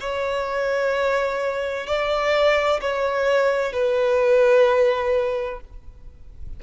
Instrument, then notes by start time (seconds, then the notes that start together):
violin
0.00 C#5
1.86 D5
2.81 C#5
3.72 B4